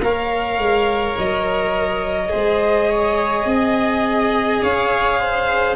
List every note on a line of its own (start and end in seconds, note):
0.00 0.58 A#3
0.00 2.29 A#4
0.00 2.33 C#5
0.00 1.18 F5
0.58 1.15 G#3
1.18 2.33 F#3
1.18 4.63 D#5
2.29 3.45 G#3
2.29 5.75 G#4
2.29 2.89 C5
2.89 3.47 C#5
3.45 4.61 C4
3.45 4.62 D#5
4.62 5.76 C#4
4.62 5.19 C#5
4.62 5.76 F5
5.19 5.76 C5